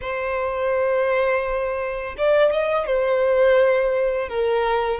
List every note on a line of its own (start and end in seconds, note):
0.01 2.15 C5
2.17 2.52 D5
2.52 2.86 D#5
2.86 4.29 C5
4.29 4.99 A#4